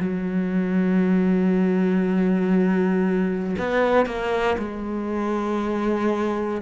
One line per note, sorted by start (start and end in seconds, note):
0.00 3.56 F#3
3.58 4.06 B3
4.06 4.57 A#3
4.58 6.61 G#3